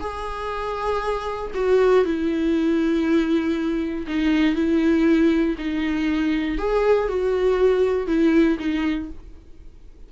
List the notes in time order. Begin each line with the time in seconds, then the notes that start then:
0.00 G#4
1.55 F#4
2.05 E4
4.07 D#4
4.55 E4
5.58 D#4
6.58 G#4
7.09 F#4
8.07 E4
8.59 D#4